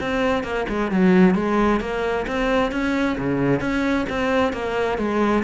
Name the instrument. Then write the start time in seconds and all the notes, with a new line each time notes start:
cello
0.00 C4
0.43 A#3
0.69 G#3
0.91 F#3
1.35 G#3
1.80 A#3
2.27 C4
2.71 C#4
3.18 C#3
3.60 C#4
4.09 C4
4.52 A#3
4.98 G#3